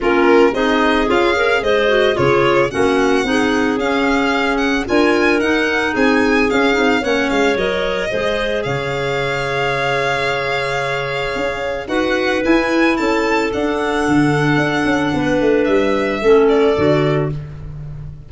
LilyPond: <<
  \new Staff \with { instrumentName = "violin" } { \time 4/4 \tempo 4 = 111 ais'4 dis''4 f''4 dis''4 | cis''4 fis''2 f''4~ | f''8 fis''8 gis''4 fis''4 gis''4 | f''4 fis''8 f''8 dis''2 |
f''1~ | f''2 fis''4 gis''4 | a''4 fis''2.~ | fis''4 e''4. d''4. | }
  \new Staff \with { instrumentName = "clarinet" } { \time 4/4 f'4 dis'4 f'8 ais'8 c''4 | gis'4 fis'4 gis'2~ | gis'4 ais'2 gis'4~ | gis'4 cis''2 c''4 |
cis''1~ | cis''2 b'2 | a'1 | b'2 a'2 | }
  \new Staff \with { instrumentName = "clarinet" } { \time 4/4 cis'4 gis'2~ gis'8 fis'8 | f'4 cis'4 dis'4 cis'4~ | cis'4 f'4 dis'2 | cis'8 dis'8 cis'4 ais'4 gis'4~ |
gis'1~ | gis'2 fis'4 e'4~ | e'4 d'2.~ | d'2 cis'4 fis'4 | }
  \new Staff \with { instrumentName = "tuba" } { \time 4/4 ais4 c'4 cis'4 gis4 | cis4 ais4 c'4 cis'4~ | cis'4 d'4 dis'4 c'4 | cis'8 c'8 ais8 gis8 fis4 gis4 |
cis1~ | cis4 cis'4 dis'4 e'4 | cis'4 d'4 d4 d'8 cis'8 | b8 a8 g4 a4 d4 | }
>>